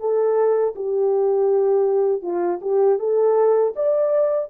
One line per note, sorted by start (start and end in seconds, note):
0.00 0.75 A4
0.76 2.23 G4
2.23 2.60 F4
2.61 2.99 G4
2.99 3.74 A4
3.76 4.50 D5